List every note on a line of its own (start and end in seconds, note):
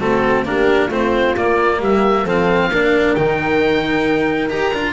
0.00 0.44 A3
0.00 0.45 C4
0.00 0.45 F#4
0.00 0.46 A4
0.44 0.89 A#3
0.44 0.90 D4
0.44 0.88 G4
0.44 0.91 A#4
0.88 1.34 A3
0.88 1.36 C4
0.88 1.78 F4
0.88 1.37 C5
1.36 1.80 A#3
1.36 2.26 A#3
1.36 1.82 D5
1.79 2.24 G3
1.79 2.23 G4
1.79 2.28 E5
2.23 2.69 F3
2.23 2.71 C4
2.23 2.69 A4
2.23 3.15 F5
2.69 3.14 A#3
2.69 3.17 D4
2.69 4.93 A#4
3.15 4.52 D#3
3.15 4.50 D#4
3.15 4.50 G5
4.50 4.73 D#4
4.50 4.72 G4
4.50 4.93 A#5
4.73 4.93 D4
4.73 4.93 F4